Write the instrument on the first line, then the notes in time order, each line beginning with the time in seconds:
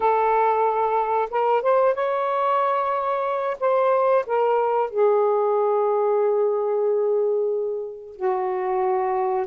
saxophone
0.00 A4
1.30 A#4
1.62 C5
1.94 C#5
3.60 C5
4.26 A#4
4.90 G#4
8.16 F#4